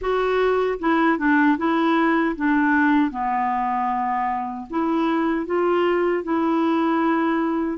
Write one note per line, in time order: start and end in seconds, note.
0.01 0.79 F#4
0.79 1.18 E4
1.18 1.57 D4
1.57 2.35 E4
2.36 3.10 D4
3.10 4.66 B3
4.70 5.45 E4
5.45 6.23 F4
6.23 7.77 E4